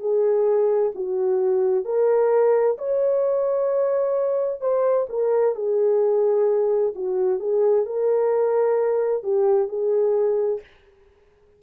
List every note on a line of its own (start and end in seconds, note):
0.00 0.92 G#4
0.95 1.85 F#4
1.85 2.77 A#4
2.78 4.61 C#5
4.61 5.07 C5
5.09 5.56 A#4
5.56 6.94 G#4
6.96 7.40 F#4
7.40 7.86 G#4
7.86 9.23 A#4
9.23 9.68 G4
9.68 10.61 G#4